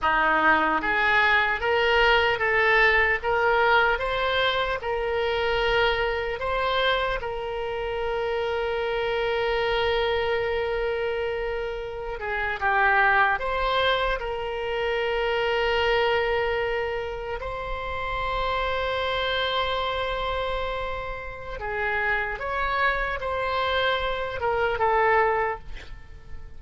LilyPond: \new Staff \with { instrumentName = "oboe" } { \time 4/4 \tempo 4 = 75 dis'4 gis'4 ais'4 a'4 | ais'4 c''4 ais'2 | c''4 ais'2.~ | ais'2.~ ais'16 gis'8 g'16~ |
g'8. c''4 ais'2~ ais'16~ | ais'4.~ ais'16 c''2~ c''16~ | c''2. gis'4 | cis''4 c''4. ais'8 a'4 | }